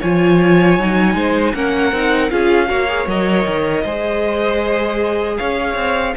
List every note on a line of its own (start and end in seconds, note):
0.00 0.79 F3
0.00 0.80 F4
0.00 1.15 C#5
0.00 1.55 G#5
0.79 1.15 F#3
0.79 1.55 D#4
1.15 1.53 G#3
1.15 1.55 C5
1.55 1.92 A#3
1.55 1.93 C#4
1.55 2.33 A#4
1.55 2.31 F#5
1.92 2.31 C4
1.92 2.31 D#4
2.31 2.70 C#4
2.31 2.67 F4
2.31 2.69 G#4
2.31 3.08 F5
2.67 3.07 A#3
2.67 2.86 F#4
2.67 3.83 C#5
2.89 3.08 G#4
3.07 3.46 F#3
3.07 3.86 A#4
3.07 5.37 D#5
3.46 3.85 D#3
3.83 5.39 G#3
3.83 6.17 G#4
3.83 5.37 C5
5.37 5.76 C#4
5.37 6.16 C#5
5.37 6.14 F5
5.76 6.14 C4